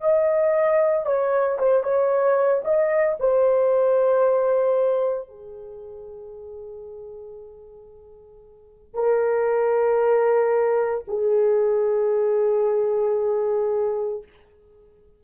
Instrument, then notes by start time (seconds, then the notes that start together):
horn
0.00 D#5
1.05 C#5
1.58 C5
1.83 C#5
2.64 D#5
3.19 C5
5.28 G#4
8.94 A#4
11.07 G#4